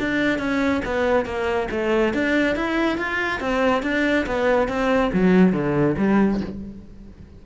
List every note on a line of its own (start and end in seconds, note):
0.00 0.39 D4
0.39 0.81 C#4
0.85 1.26 B3
1.26 1.69 A#3
1.71 2.14 A3
2.14 2.56 D4
2.56 2.98 E4
2.98 3.40 F4
3.40 3.83 C4
3.83 4.26 D4
4.26 4.68 B3
4.68 5.11 C4
5.13 5.53 F#3
5.53 5.96 D3
5.98 6.41 G3